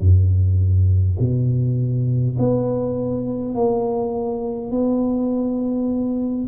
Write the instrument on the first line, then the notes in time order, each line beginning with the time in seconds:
tuba
0.00 F#2
1.19 B2
2.39 B3
3.55 A#3
4.71 B3